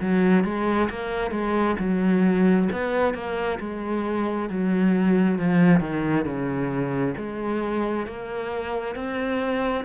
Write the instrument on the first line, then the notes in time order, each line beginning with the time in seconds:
cello
0.00 F#3
0.44 G#3
0.90 A#3
1.31 G#3
1.79 F#3
2.72 B3
3.14 A#3
3.59 G#3
4.49 F#3
5.39 F3
5.80 D#3
6.24 C#3
7.16 G#3
8.06 A#3
8.95 C4